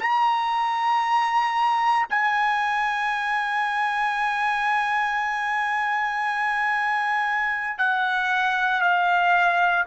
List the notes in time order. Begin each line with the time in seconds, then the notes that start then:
0.00 A#5
2.10 G#5
7.78 F#5
8.81 F5